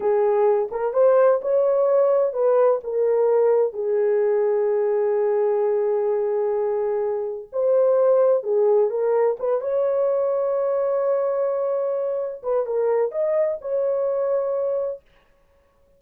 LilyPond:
\new Staff \with { instrumentName = "horn" } { \time 4/4 \tempo 4 = 128 gis'4. ais'8 c''4 cis''4~ | cis''4 b'4 ais'2 | gis'1~ | gis'1 |
c''2 gis'4 ais'4 | b'8 cis''2.~ cis''8~ | cis''2~ cis''8 b'8 ais'4 | dis''4 cis''2. | }